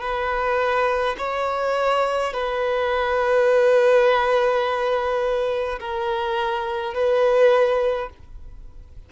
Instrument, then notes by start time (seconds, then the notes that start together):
violin
0.00 B4
1.17 C#5
2.33 B4
5.80 A#4
6.94 B4